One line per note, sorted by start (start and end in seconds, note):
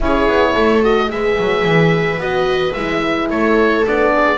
0.00 0.27 C#4
0.00 0.81 E4
0.00 0.53 G#4
0.00 0.83 C#5
0.27 0.55 B3
0.53 1.10 A3
0.53 1.08 A4
0.82 1.08 F#4
0.82 1.10 D#5
1.08 1.37 G#3
1.08 2.19 G#4
1.08 3.30 B4
1.08 2.20 E5
1.38 1.64 F#3
1.64 2.17 E3
2.17 2.72 B3
2.17 2.74 F#4
2.17 2.73 D#5
2.73 3.30 G#3
2.73 3.86 E4
2.73 3.28 E5
3.30 3.85 A3
3.30 4.13 A4
3.30 3.85 C#5
3.86 4.37 B3
3.86 4.37 D4
3.86 4.37 D5
4.13 4.37 G#4